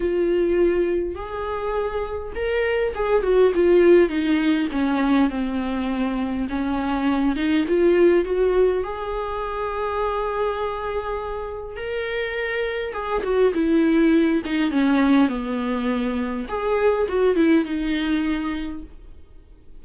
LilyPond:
\new Staff \with { instrumentName = "viola" } { \time 4/4 \tempo 4 = 102 f'2 gis'2 | ais'4 gis'8 fis'8 f'4 dis'4 | cis'4 c'2 cis'4~ | cis'8 dis'8 f'4 fis'4 gis'4~ |
gis'1 | ais'2 gis'8 fis'8 e'4~ | e'8 dis'8 cis'4 b2 | gis'4 fis'8 e'8 dis'2 | }